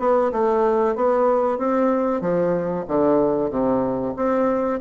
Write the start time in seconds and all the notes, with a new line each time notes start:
0.00 B3
0.32 A3
0.96 B3
1.59 C4
2.22 F3
2.88 D3
3.51 C3
4.17 C4